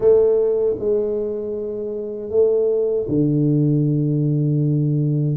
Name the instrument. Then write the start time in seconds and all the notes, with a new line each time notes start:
tuba
0.00 A3
0.78 G#3
2.29 A3
3.08 D3